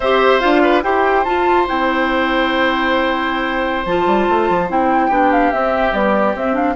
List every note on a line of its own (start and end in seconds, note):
0.00 0.42 C4
0.00 0.40 G4
0.00 0.62 C5
0.00 0.39 E5
0.40 0.83 D4
0.40 0.82 F4
0.40 0.81 F5
0.62 0.83 B4
0.83 1.25 E4
0.83 1.25 G4
0.83 5.07 C5
0.83 1.24 G5
1.24 1.67 F4
1.24 1.66 F4
1.24 1.66 A5
1.66 3.85 C4
1.66 3.85 E4
1.66 3.85 G5
3.85 4.06 F3
3.85 4.69 F4
3.85 4.68 A5
4.06 4.27 G3
4.29 4.49 A3
4.49 4.70 F3
4.69 5.09 C4
4.69 5.10 E4
4.69 5.32 G5
5.07 5.51 B3
5.07 5.52 D4
5.07 6.73 G4
5.32 5.52 F5
5.52 5.91 C4
5.52 5.92 C4
5.52 5.93 E5
5.91 6.33 G3
5.91 6.34 B3
5.91 6.35 D5
6.34 6.76 C4
6.34 6.53 C4
6.34 6.55 E5
6.53 6.73 D4
6.53 6.76 F5